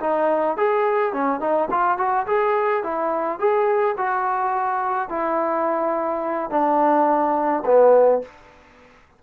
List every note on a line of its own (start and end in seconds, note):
0.00 0.57 D#4
0.57 1.13 G#4
1.13 1.40 C#4
1.40 1.68 D#4
1.70 1.98 F4
1.98 2.26 F#4
2.26 2.83 G#4
2.83 3.39 E4
3.39 3.96 G#4
3.97 5.09 F#4
5.09 6.50 E4
6.50 7.63 D4
7.65 8.22 B3